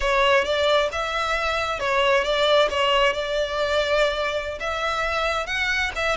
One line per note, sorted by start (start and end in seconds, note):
0.00 0.44 C#5
0.44 0.89 D5
0.92 1.79 E5
1.79 2.24 C#5
2.24 2.68 D5
2.70 3.13 C#5
3.13 4.59 D5
4.60 5.46 E5
5.46 5.91 F#5
5.95 6.16 E5